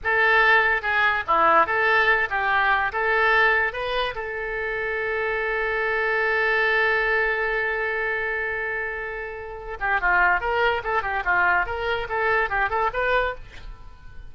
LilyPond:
\new Staff \with { instrumentName = "oboe" } { \time 4/4 \tempo 4 = 144 a'2 gis'4 e'4 | a'4. g'4. a'4~ | a'4 b'4 a'2~ | a'1~ |
a'1~ | a'2.~ a'8 g'8 | f'4 ais'4 a'8 g'8 f'4 | ais'4 a'4 g'8 a'8 b'4 | }